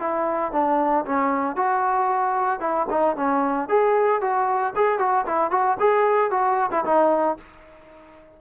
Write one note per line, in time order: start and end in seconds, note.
0.00 0.53 E4
0.53 1.05 D4
1.06 1.56 C#4
1.56 2.61 F#4
2.61 2.87 E4
2.91 3.17 D#4
3.17 3.69 C#4
3.69 4.22 G#4
4.22 4.74 F#4
4.76 4.99 G#4
4.99 5.26 F#4
5.27 5.51 E4
5.51 5.78 F#4
5.80 6.31 G#4
6.31 6.71 F#4
6.72 6.85 E4
6.85 7.38 D#4